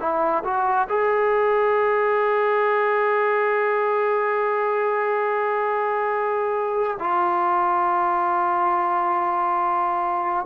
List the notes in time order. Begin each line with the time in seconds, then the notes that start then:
0.00 E4
0.45 F#4
0.89 G#4
7.00 F4